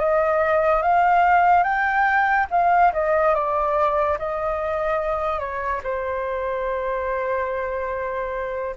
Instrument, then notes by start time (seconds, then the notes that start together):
flute
0.00 D#5
0.83 F5
1.64 G5
2.51 F5
2.94 D#5
3.35 D5
4.19 D#5
5.40 C#5
5.84 C5